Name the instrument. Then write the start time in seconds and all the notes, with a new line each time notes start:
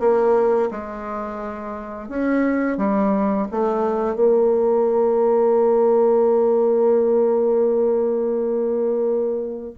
bassoon
0.00 A#3
0.71 G#3
2.09 C#4
2.78 G3
3.52 A3
4.16 A#3